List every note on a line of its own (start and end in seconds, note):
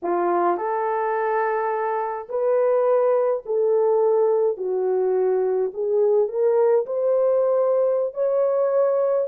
0.02 0.57 F4
0.57 2.28 A4
2.28 3.43 B4
3.45 4.57 A4
4.57 5.71 F#4
5.73 6.28 G#4
6.28 6.85 A#4
6.85 8.14 C5
8.14 9.28 C#5